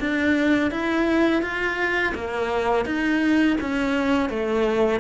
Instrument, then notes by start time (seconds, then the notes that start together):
cello
0.00 D4
0.71 E4
1.43 F4
2.15 A#3
2.86 D#4
3.61 C#4
4.30 A3